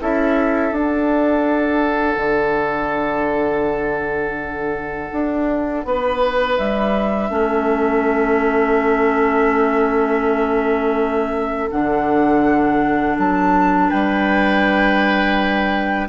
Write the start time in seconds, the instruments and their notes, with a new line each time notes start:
0.00 bassoon C#4, clarinet E4, oboe A4, flute E5
0.72 bassoon D4, clarinet D4, flute F#5
2.17 bassoon D3
5.12 bassoon D4
5.85 bassoon B3, oboe B4
6.58 bassoon G3, flute E5
7.30 bassoon A3, clarinet C#4, oboe A4
11.70 bassoon D3, clarinet D4, flute F#5
13.18 bassoon F#3, flute A5
13.89 bassoon G3, oboe B4, flute G5